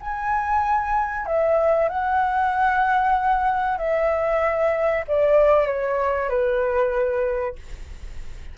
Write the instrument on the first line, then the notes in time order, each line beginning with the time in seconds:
flute
0.00 G#5
1.26 E5
1.88 F#5
3.78 E5
5.07 D5
5.66 C#5
6.29 B4